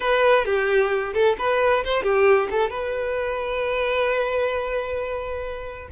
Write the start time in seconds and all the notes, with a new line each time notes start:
0.00 B4
0.45 G4
1.13 A4
1.38 B4
1.84 C5
2.02 G4
2.50 A4
2.70 B4